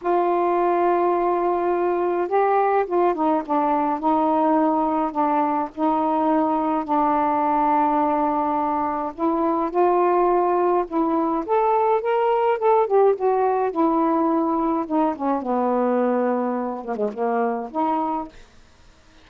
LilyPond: \new Staff \with { instrumentName = "saxophone" } { \time 4/4 \tempo 4 = 105 f'1 | g'4 f'8 dis'8 d'4 dis'4~ | dis'4 d'4 dis'2 | d'1 |
e'4 f'2 e'4 | a'4 ais'4 a'8 g'8 fis'4 | e'2 dis'8 cis'8 b4~ | b4. ais16 gis16 ais4 dis'4 | }